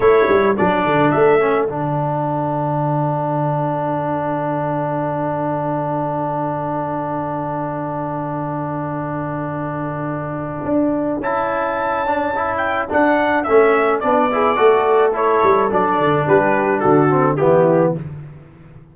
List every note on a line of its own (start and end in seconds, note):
0.00 0.26 A3
0.00 0.54 E4
0.00 14.28 A4
0.00 0.55 C#5
0.28 0.56 G3
0.57 0.85 F#3
0.57 1.39 D4
0.57 1.10 D5
0.85 1.13 D3
1.10 1.69 A3
1.10 1.66 E5
1.39 1.67 C#4
1.66 10.64 D3
1.66 11.22 D4
1.66 11.19 F#5
10.64 11.19 D4
11.19 12.87 C#4
11.19 12.06 E4
11.19 12.57 A5
12.06 12.34 D4
12.35 12.88 E4
12.57 12.85 G5
12.88 13.44 D4
12.88 13.47 D4
12.88 13.43 F#5
13.43 14.02 A3
13.43 14.02 C#4
13.43 13.99 E5
13.99 14.58 B3
13.99 14.30 D4
13.99 15.12 D5
14.31 14.56 E4
14.31 14.57 G#4
14.56 15.42 A3
14.56 15.12 F#4
14.56 16.25 A4
15.13 15.69 E4
15.13 15.71 C#5
15.43 15.71 G3
15.70 15.98 F#3
15.70 17.09 D4
15.70 16.28 D5
15.98 16.26 D3
16.26 16.84 G3
16.26 16.81 G4
16.26 16.80 B4
16.80 17.39 D3
16.80 17.37 F#4
16.80 17.36 A4
17.09 17.37 C4
17.36 17.95 E3
17.36 17.95 B3
17.36 17.95 E4
17.36 17.92 G4